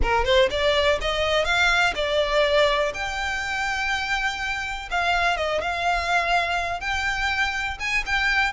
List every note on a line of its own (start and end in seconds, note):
0.02 0.24 A#4
0.24 0.49 C5
0.50 0.99 D5
1.01 1.44 D#5
1.44 1.93 F5
1.95 2.92 D5
2.94 4.89 G5
4.90 5.37 F5
5.37 5.61 D#5
5.61 6.80 F5
6.80 7.78 G5
7.79 8.04 G#5
8.06 8.52 G5